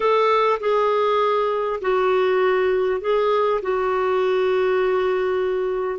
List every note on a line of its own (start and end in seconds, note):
0.00 0.59 A4
0.60 1.80 G#4
1.81 3.00 F#4
3.00 3.60 G#4
3.62 5.99 F#4